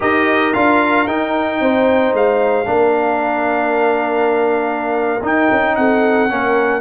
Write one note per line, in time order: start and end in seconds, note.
0.00 0.55 D#4
0.00 0.53 G4
0.00 1.60 A#4
0.00 0.53 D#5
0.53 1.07 D4
0.53 1.07 F4
0.53 1.07 F5
1.07 1.60 D#4
1.07 2.65 D#4
1.07 2.14 G5
1.60 2.13 C4
1.60 2.68 C5
2.13 2.67 G#3
2.13 5.24 F5
2.65 5.21 A#3
2.65 5.19 D4
2.65 5.77 A#4
5.22 5.49 D#4
5.22 6.29 D#4
5.22 5.75 G5
5.51 5.77 C#4
5.75 6.30 C4
5.75 6.31 A4
5.75 6.80 F#5
6.29 6.80 A#3
6.29 6.80 C#4
6.29 6.80 A#4